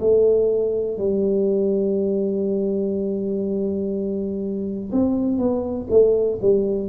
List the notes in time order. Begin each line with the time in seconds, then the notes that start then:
0.00 A3
0.97 G3
4.92 C4
5.38 B3
5.90 A3
6.42 G3